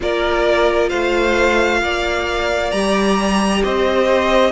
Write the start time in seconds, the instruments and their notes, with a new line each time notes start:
0.00 cello A#3, viola F4, violin A#4 D5
0.89 cello A3, violin C5 F5
1.82 cello A#3, violin D5
2.71 cello G3, viola G4, violin A#5
3.63 cello C4, violin C5 D#5